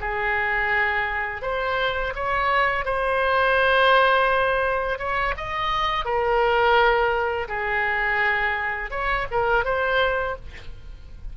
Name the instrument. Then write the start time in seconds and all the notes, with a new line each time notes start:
oboe
0.00 G#4
1.42 C5
2.15 C#5
2.84 C5
4.98 C#5
5.37 D#5
6.05 A#4
7.48 G#4
8.90 C#5
9.31 A#4
9.64 C5